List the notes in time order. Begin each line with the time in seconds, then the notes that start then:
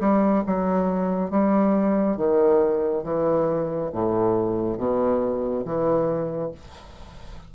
0.00 G3
0.47 F#3
1.30 G3
2.17 D#3
3.04 E3
3.92 A2
4.77 B2
5.65 E3